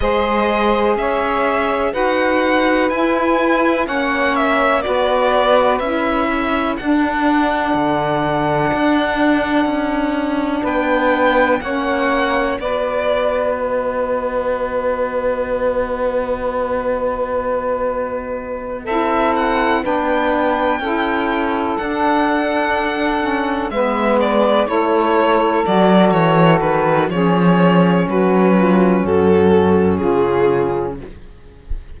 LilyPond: <<
  \new Staff \with { instrumentName = "violin" } { \time 4/4 \tempo 4 = 62 dis''4 e''4 fis''4 gis''4 | fis''8 e''8 d''4 e''4 fis''4~ | fis''2. g''4 | fis''4 d''4 dis''2~ |
dis''2.~ dis''8 e''8 | fis''8 g''2 fis''4.~ | fis''8 e''8 d''8 cis''4 d''8 cis''8 b'8 | cis''4 b'4 a'4 gis'4 | }
  \new Staff \with { instrumentName = "saxophone" } { \time 4/4 c''4 cis''4 b'2 | cis''4 b'4. a'4.~ | a'2. b'4 | cis''4 b'2.~ |
b'2.~ b'8 a'8~ | a'8 b'4 a'2~ a'8~ | a'8 b'4 a'2~ a'8 | gis'4 fis'8 f'8 fis'4 f'4 | }
  \new Staff \with { instrumentName = "saxophone" } { \time 4/4 gis'2 fis'4 e'4 | cis'4 fis'4 e'4 d'4~ | d'1 | cis'4 fis'2.~ |
fis'2.~ fis'8 e'8~ | e'8 d'4 e'4 d'4. | cis'8 b4 e'4 fis'4. | cis'1 | }
  \new Staff \with { instrumentName = "cello" } { \time 4/4 gis4 cis'4 dis'4 e'4 | ais4 b4 cis'4 d'4 | d4 d'4 cis'4 b4 | ais4 b2.~ |
b2.~ b8 c'8~ | c'8 b4 cis'4 d'4.~ | d'8 gis4 a4 fis8 e8 dis8 | f4 fis4 fis,4 cis4 | }
>>